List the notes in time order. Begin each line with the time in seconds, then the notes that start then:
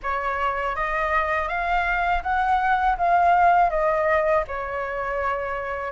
0.02 C#5
0.75 D#5
1.48 F5
2.22 F#5
2.97 F5
3.70 D#5
4.47 C#5